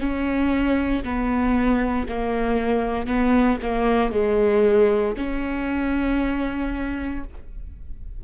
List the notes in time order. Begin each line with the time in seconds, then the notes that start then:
0.00 C#4
1.04 B3
2.09 A#3
3.07 B3
3.63 A#3
4.12 G#3
5.17 C#4